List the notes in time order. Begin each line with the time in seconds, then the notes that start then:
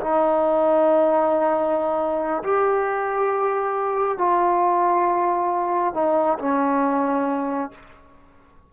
0.00 D#4
2.43 G4
4.18 F4
5.94 D#4
6.39 C#4